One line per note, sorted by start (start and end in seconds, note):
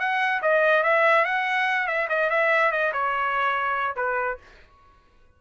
0.00 0.42 F#5
0.43 0.84 D#5
0.84 1.25 E5
1.25 1.88 F#5
1.88 2.09 E5
2.10 2.30 D#5
2.30 2.72 E5
2.72 2.93 D#5
2.93 3.97 C#5
3.97 4.38 B4